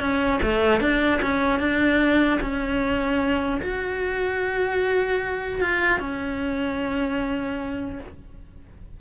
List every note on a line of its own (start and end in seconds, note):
0.00 0.40 C#4
0.43 0.80 A3
0.80 1.20 D4
1.22 1.59 C#4
1.59 2.39 D4
2.41 3.61 C#4
3.62 5.61 F#4
5.61 5.99 F4
5.99 7.99 C#4